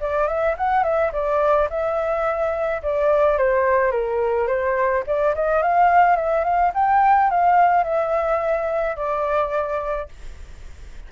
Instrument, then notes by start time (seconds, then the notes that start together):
flute
0.00 D5
0.27 E5
0.57 F#5
0.83 E5
1.12 D5
1.69 E5
2.82 D5
3.38 C5
3.91 A#4
4.47 C5
5.06 D5
5.35 D#5
5.62 F5
6.16 E5
6.44 F5
6.74 G5
7.30 F5
7.84 E5
8.96 D5